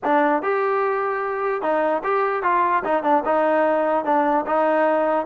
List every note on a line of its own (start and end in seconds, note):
0.04 0.42 D4
0.42 1.62 G4
1.62 2.02 D#4
2.03 2.42 G4
2.42 2.83 F4
2.84 3.03 D#4
3.03 3.23 D4
3.25 4.04 D#4
4.04 4.45 D4
4.46 5.26 D#4